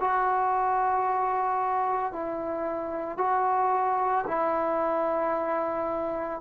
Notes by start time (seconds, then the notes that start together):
0.00 F#4
2.12 E4
3.18 F#4
4.27 E4